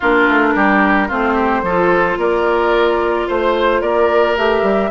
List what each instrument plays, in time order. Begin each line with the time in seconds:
0.00 bassoon A#3, clarinet D4, oboe F4, flute A#4
0.28 bassoon A3
0.55 bassoon G3, oboe G4
1.08 bassoon A3, clarinet C4, oboe F4, flute C5
1.33 oboe G4
1.62 bassoon F3, clarinet F4, oboe A4
2.17 bassoon A#3, oboe A#4, flute D5
3.27 bassoon A3, oboe C5, flute C5
3.81 bassoon A#3, oboe A#4, flute D5
4.36 bassoon A3, clarinet G4, flute E5
4.62 bassoon G3